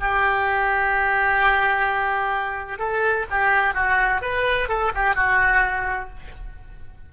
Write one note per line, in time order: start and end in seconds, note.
0.00 2.79 G4
2.79 3.26 A4
3.30 3.75 G4
3.75 4.22 F#4
4.22 4.69 B4
4.69 4.93 A4
4.95 5.15 G4
5.15 6.10 F#4